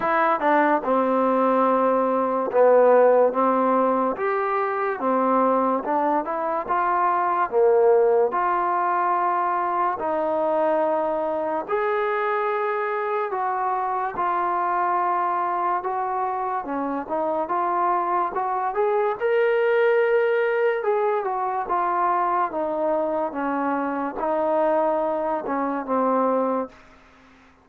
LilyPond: \new Staff \with { instrumentName = "trombone" } { \time 4/4 \tempo 4 = 72 e'8 d'8 c'2 b4 | c'4 g'4 c'4 d'8 e'8 | f'4 ais4 f'2 | dis'2 gis'2 |
fis'4 f'2 fis'4 | cis'8 dis'8 f'4 fis'8 gis'8 ais'4~ | ais'4 gis'8 fis'8 f'4 dis'4 | cis'4 dis'4. cis'8 c'4 | }